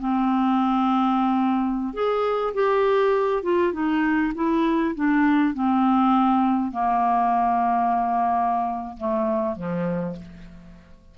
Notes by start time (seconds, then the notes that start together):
0.00 C4
1.94 G#4
2.54 G4
3.43 F4
3.73 D#4
4.35 E4
4.95 D4
5.54 C4
6.72 A#3
8.97 A3
9.56 F3